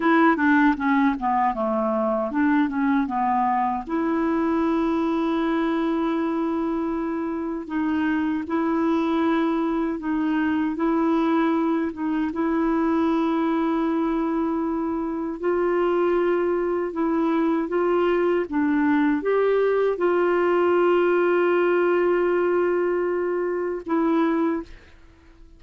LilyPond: \new Staff \with { instrumentName = "clarinet" } { \time 4/4 \tempo 4 = 78 e'8 d'8 cis'8 b8 a4 d'8 cis'8 | b4 e'2.~ | e'2 dis'4 e'4~ | e'4 dis'4 e'4. dis'8 |
e'1 | f'2 e'4 f'4 | d'4 g'4 f'2~ | f'2. e'4 | }